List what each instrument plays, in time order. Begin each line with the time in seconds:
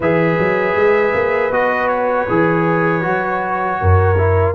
0.00 tuba E3, trombone G#4, horn B4, trumpet E5
0.38 tuba F#3
0.75 tuba G#3
1.13 tuba A#3
1.50 tuba B3, trombone F#4, trumpet D#5
1.87 trumpet C#5
2.29 tuba E3, trombone G#4
3.01 tuba F#3, trombone F#4
3.81 tuba F#2, horn A#4
4.17 trombone E4